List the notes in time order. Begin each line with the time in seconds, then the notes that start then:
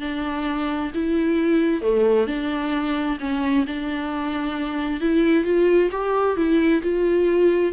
0.00 D4
0.94 E4
1.81 A3
2.27 D4
3.19 C#4
3.66 D4
5.00 E4
5.44 F4
5.91 G4
6.36 E4
6.82 F4